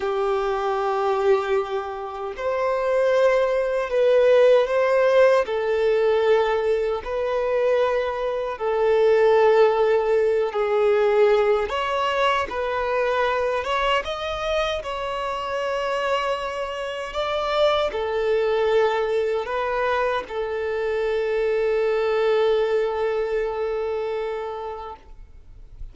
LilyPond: \new Staff \with { instrumentName = "violin" } { \time 4/4 \tempo 4 = 77 g'2. c''4~ | c''4 b'4 c''4 a'4~ | a'4 b'2 a'4~ | a'4. gis'4. cis''4 |
b'4. cis''8 dis''4 cis''4~ | cis''2 d''4 a'4~ | a'4 b'4 a'2~ | a'1 | }